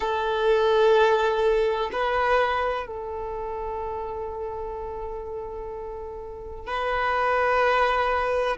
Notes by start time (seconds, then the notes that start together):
0.00 A4
1.92 B4
2.86 A4
6.67 B4